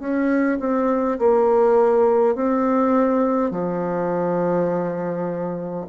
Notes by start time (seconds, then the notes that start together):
0.00 C#4
0.60 C4
1.19 A#3
2.35 C4
3.51 F3